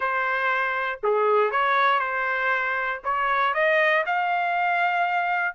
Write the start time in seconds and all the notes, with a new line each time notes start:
0.00 C5
1.03 G#4
1.51 C#5
1.99 C5
3.04 C#5
3.54 D#5
4.06 F5